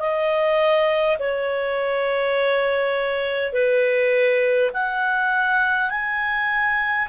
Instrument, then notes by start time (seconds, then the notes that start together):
clarinet
0.00 D#5
1.19 C#5
3.53 B4
4.74 F#5
5.90 G#5